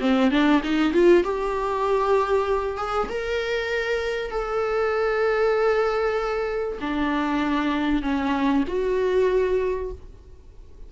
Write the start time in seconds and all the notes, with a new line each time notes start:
0.00 C4
0.31 D4
0.64 D#4
0.93 F4
1.24 G4
2.78 G#4
3.09 A#4
4.31 A4
6.81 D4
8.02 C#4
8.68 F#4